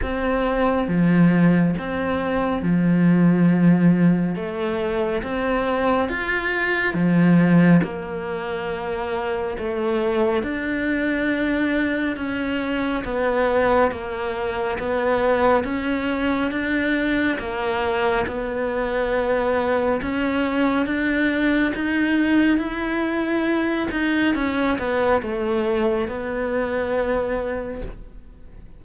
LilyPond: \new Staff \with { instrumentName = "cello" } { \time 4/4 \tempo 4 = 69 c'4 f4 c'4 f4~ | f4 a4 c'4 f'4 | f4 ais2 a4 | d'2 cis'4 b4 |
ais4 b4 cis'4 d'4 | ais4 b2 cis'4 | d'4 dis'4 e'4. dis'8 | cis'8 b8 a4 b2 | }